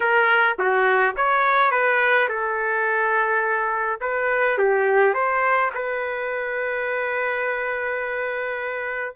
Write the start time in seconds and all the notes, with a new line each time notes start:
0.00 A#4
0.58 F#4
1.16 C#5
1.71 B4
2.28 A4
4.01 B4
4.57 G4
5.14 C5
5.74 B4